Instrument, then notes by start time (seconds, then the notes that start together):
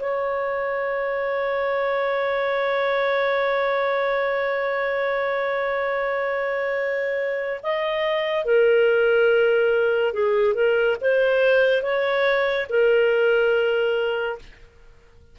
clarinet
0.00 C#5
7.63 D#5
8.45 A#4
10.13 G#4
10.54 A#4
11.01 C5
11.82 C#5
12.69 A#4